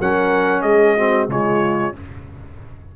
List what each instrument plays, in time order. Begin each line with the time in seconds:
0.00 tuba F#3, trombone C#4, horn A#4, trumpet F#5
0.62 tuba G#3, horn G#4, trumpet D#5
0.97 trombone C4, horn F#4
1.28 tuba C#3, trombone G#3, horn F4, trumpet C#5